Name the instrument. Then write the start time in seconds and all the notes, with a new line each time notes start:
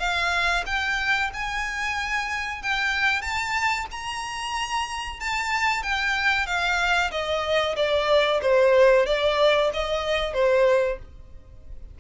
violin
0.00 F5
0.67 G5
1.34 G#5
2.63 G5
3.22 A5
3.92 A#5
5.21 A5
5.83 G5
6.47 F5
7.12 D#5
7.77 D5
8.43 C5
9.06 D5
9.74 D#5
10.34 C5